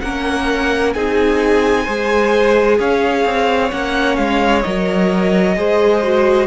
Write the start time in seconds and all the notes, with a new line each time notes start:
0.00 A#3 C#4 A#4 F#5
0.93 C4 D#4 G#4 G#5
1.84 G#3 G#4 C5
2.79 C#4 C#5 F5
3.25 C4
3.71 A#3 C#4 F#5
4.16 G#3 F5
4.62 F#3 A#4 D#5
5.55 G#3 G#4 C5
6.03 F#4